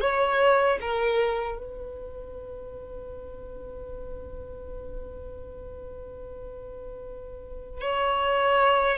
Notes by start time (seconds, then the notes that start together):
0.00 C#5
0.80 A#4
1.58 B4
7.81 C#5